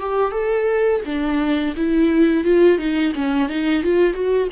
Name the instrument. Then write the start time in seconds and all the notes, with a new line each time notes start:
viola
0.00 G4
0.31 A4
1.05 D4
1.76 E4
2.44 F4
2.78 D#4
3.15 C#4
3.49 D#4
3.83 F4
4.14 F#4